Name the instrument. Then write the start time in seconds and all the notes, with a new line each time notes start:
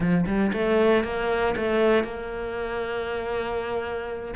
cello
0.00 F3
0.26 G3
0.53 A3
1.03 A#3
1.56 A3
2.03 A#3